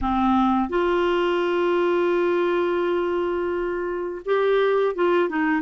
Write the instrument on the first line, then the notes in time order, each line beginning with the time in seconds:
clarinet
0.01 C4
0.69 F4
4.25 G4
4.95 F4
5.29 D#4